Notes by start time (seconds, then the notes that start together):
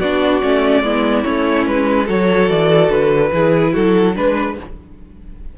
0.00 B3 D4 F#4 D5
0.42 A3 C#4
0.83 G#3 B3 E4
1.24 A3 C#4 C#5
1.66 G#3 B4
2.05 F#3 F#4 A4 C#5
2.49 E3 D5
2.89 D3 B4
3.32 E3 E4 G#4
3.73 F#3 F#4 A4
4.15 G#3 D4 B4